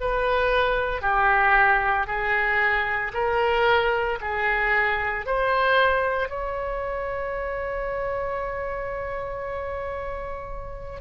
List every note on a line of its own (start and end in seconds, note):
0.00 1.02 B4
1.02 2.07 G4
2.07 3.12 G#4
3.13 4.19 A#4
4.21 5.26 G#4
5.26 6.29 C5
6.29 11.00 C#5